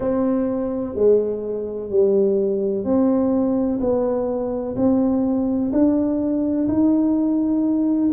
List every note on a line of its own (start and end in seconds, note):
0.00 0.94 C4
0.94 1.90 G#3
1.90 2.84 G3
2.84 3.79 C4
3.80 4.75 B3
4.76 5.71 C4
5.72 6.67 D4
6.68 8.10 D#4